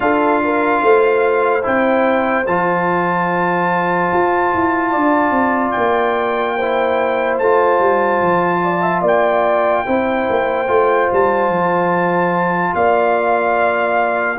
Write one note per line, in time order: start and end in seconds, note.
0.00 0.82 D4
0.00 1.62 F4
0.00 0.42 A4
0.00 1.64 F5
0.44 0.82 A#4
0.82 1.64 A3
0.82 4.90 C5
1.62 2.47 C4
1.62 2.44 E4
1.62 2.46 G5
2.46 4.11 F3
2.46 6.59 F4
2.46 5.71 A5
4.12 4.53 F4
4.54 4.95 E4
4.90 5.30 D4
4.90 6.55 D5
5.30 5.72 C4
5.71 7.39 A#3
5.71 7.35 G5
6.56 7.42 E4
6.56 8.62 C5
7.38 7.79 A3
7.38 9.86 F4
7.38 9.03 A5
7.79 8.20 G3
8.21 9.01 F3
8.64 8.82 D5
8.82 9.01 E5
9.01 9.83 A#3
9.01 9.83 D5
9.01 11.12 G5
9.85 10.28 C4
9.85 10.67 E4
9.85 12.73 C5
10.29 10.68 A#3
10.67 11.09 A3
10.67 14.36 F4
11.12 11.48 G3
11.12 12.74 A5
11.48 12.72 F3
12.74 14.38 A#3
12.74 14.38 D5
12.74 14.38 F5